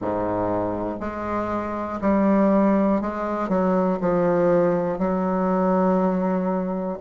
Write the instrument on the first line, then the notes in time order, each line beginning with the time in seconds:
bassoon
0.01 G#2
1.00 G#3
2.01 G3
3.00 G#3
3.48 F#3
4.00 F3
4.98 F#3